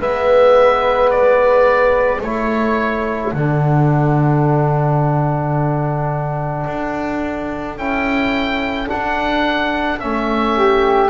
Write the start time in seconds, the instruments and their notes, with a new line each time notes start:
0.00 double bass G#3, trombone B3, flute B4, oboe E5
1.11 oboe D5
2.22 double bass A3, trombone E4, flute A4, oboe C#5
3.33 double bass D3, trombone D4, oboe F#5
6.67 double bass D4
7.78 double bass C#4, trombone E4, oboe G5
8.87 trombone D4, double bass D4, oboe F#5
9.99 double bass A3, trombone C#4, oboe E5
10.57 flute G4